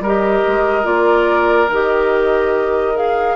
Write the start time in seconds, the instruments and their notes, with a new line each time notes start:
0.00 bassoon G3, clarinet G4, oboe A#4
0.06 flute D#5
0.48 bassoon G#3
0.84 bassoon A#3, clarinet F4, flute D5
1.69 bassoon D#3, clarinet G4, flute D#5
2.95 clarinet G#4, flute F5